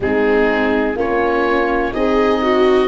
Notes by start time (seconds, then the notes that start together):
0.00 G#3 C4 D#4 G#4
0.94 A#3 C#4 F4 C#5
1.91 C4 D#4 G#4 D#5
2.42 F#4